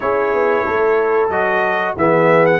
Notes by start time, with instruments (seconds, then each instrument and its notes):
0.00 tuba C#4, trombone E4, horn G#4, trumpet C#5
0.33 tuba B3
0.65 tuba A3, horn A4
1.28 tuba F#3, trombone F#4, trumpet D#5
1.96 tuba E3, trombone B3, horn G#4, trumpet E5
2.46 trumpet F#5